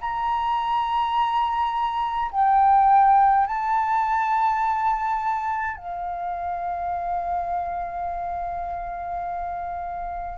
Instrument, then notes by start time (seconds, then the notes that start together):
flute
0.00 A#5
2.31 G5
3.47 A5
5.76 F5